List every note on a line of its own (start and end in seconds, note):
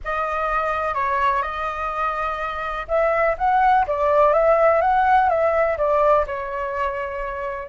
0.04 0.94 D#5
0.94 1.42 C#5
1.42 2.86 D#5
2.88 3.36 E5
3.38 3.86 F#5
3.87 4.33 D5
4.33 4.81 E5
4.81 5.29 F#5
5.29 5.77 E5
5.77 6.25 D5
6.26 7.68 C#5